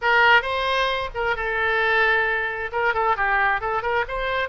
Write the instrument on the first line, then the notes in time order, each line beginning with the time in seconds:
oboe
0.01 A#4
0.42 C5
1.14 A#4
1.36 A4
2.71 A#4
2.94 A4
3.16 G4
3.60 A4
3.82 A#4
4.08 C5